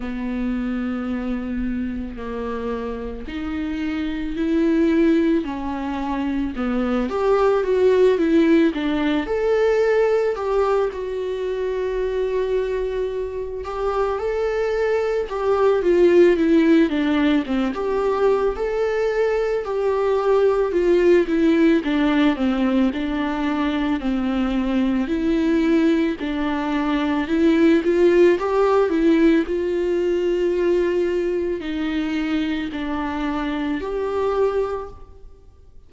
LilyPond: \new Staff \with { instrumentName = "viola" } { \time 4/4 \tempo 4 = 55 b2 ais4 dis'4 | e'4 cis'4 b8 g'8 fis'8 e'8 | d'8 a'4 g'8 fis'2~ | fis'8 g'8 a'4 g'8 f'8 e'8 d'8 |
c'16 g'8. a'4 g'4 f'8 e'8 | d'8 c'8 d'4 c'4 e'4 | d'4 e'8 f'8 g'8 e'8 f'4~ | f'4 dis'4 d'4 g'4 | }